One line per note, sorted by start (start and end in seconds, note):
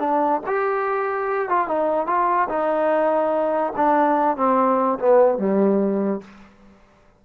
0.00 0.41 D4
0.47 1.49 G4
1.49 1.68 F4
1.68 2.07 D#4
2.07 2.48 F4
2.49 3.74 D#4
3.76 4.37 D4
4.37 4.99 C4
4.99 5.38 B3
5.38 6.21 G3